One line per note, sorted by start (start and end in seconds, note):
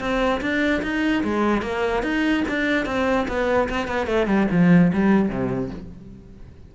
0.00 0.41 C4
0.42 0.82 D4
0.82 1.23 D#4
1.24 1.62 G#3
1.62 2.03 A#3
2.03 2.44 D#4
2.49 2.86 D4
2.86 3.27 C4
3.28 3.69 B3
3.69 3.88 C4
3.88 4.07 B3
4.07 4.27 A3
4.27 4.47 G3
4.52 4.92 F3
4.93 5.29 G3
5.29 5.70 C3